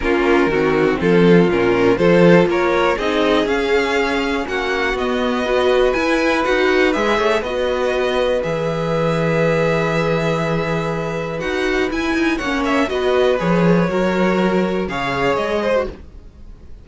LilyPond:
<<
  \new Staff \with { instrumentName = "violin" } { \time 4/4 \tempo 4 = 121 ais'2 a'4 ais'4 | c''4 cis''4 dis''4 f''4~ | f''4 fis''4 dis''2 | gis''4 fis''4 e''4 dis''4~ |
dis''4 e''2.~ | e''2. fis''4 | gis''4 fis''8 e''8 dis''4 cis''4~ | cis''2 f''4 dis''4 | }
  \new Staff \with { instrumentName = "violin" } { \time 4/4 f'4 fis'4 f'2 | a'4 ais'4 gis'2~ | gis'4 fis'2 b'4~ | b'2~ b'8 cis''8 b'4~ |
b'1~ | b'1~ | b'4 cis''4 b'2 | ais'2 cis''4. c''8 | }
  \new Staff \with { instrumentName = "viola" } { \time 4/4 cis'4 c'2 cis'4 | f'2 dis'4 cis'4~ | cis'2 b4 fis'4 | e'4 fis'4 gis'4 fis'4~ |
fis'4 gis'2.~ | gis'2. fis'4 | e'4 cis'4 fis'4 gis'4 | fis'2 gis'4.~ gis'16 fis'16 | }
  \new Staff \with { instrumentName = "cello" } { \time 4/4 ais4 dis4 f4 ais,4 | f4 ais4 c'4 cis'4~ | cis'4 ais4 b2 | e'4 dis'4 gis8 a8 b4~ |
b4 e2.~ | e2. dis'4 | e'8 dis'8 ais4 b4 f4 | fis2 cis4 gis4 | }
>>